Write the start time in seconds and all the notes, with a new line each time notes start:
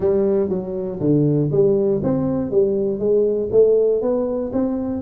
0.00 G3
0.49 F#3
1.00 D3
1.51 G3
2.03 C4
2.50 G3
2.99 G#3
3.51 A3
4.01 B3
4.52 C4